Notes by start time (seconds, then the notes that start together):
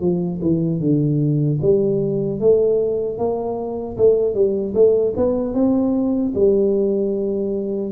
0.00 F3
0.41 E3
0.80 D3
1.61 G3
2.40 A3
3.18 A#3
3.97 A3
4.34 G3
4.74 A3
5.16 B3
5.54 C4
6.34 G3